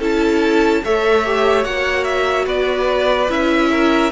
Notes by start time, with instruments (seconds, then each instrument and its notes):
0.00 cello C#4, viola E4, violin A4 A5
0.85 cello A3, viola A4, violin C#5 E5
1.26 viola G4
1.64 cello A#3, viola F#4, violin F#5
2.04 violin E5
2.46 cello B3, violin B4 D5
3.30 cello C#4, viola E4, violin E5
3.72 violin A#4